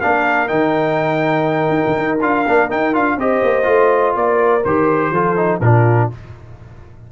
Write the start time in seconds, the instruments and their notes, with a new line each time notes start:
0.00 tuba A#3, trombone D4, horn A#4, trumpet F5
0.47 tuba D#3, trombone D#4, trumpet G5
1.69 tuba D#4
1.86 tuba D#3
1.97 tuba D#4
2.20 tuba D4, trombone F4, trumpet F5
2.47 tuba A#3, trombone D4
2.69 trombone D#4, tuba D#4, trumpet G5
2.93 tuba D4, trombone F4, trumpet F5
3.16 tuba C4, trombone G4, horn C5, trumpet D#5
3.42 tuba A#3
3.63 tuba A3, trombone F4
4.15 tuba A#3, horn A#4, trumpet D5
4.64 tuba D#3, trombone G4, trumpet C5
5.10 tuba F3, trombone F4, horn A4
5.36 trombone D#4
5.60 tuba A#2, trombone D4, horn F4, trumpet A#4